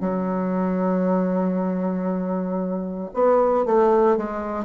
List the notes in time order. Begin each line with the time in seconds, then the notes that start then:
0.00 F#3
3.14 B3
3.66 A3
4.17 G#3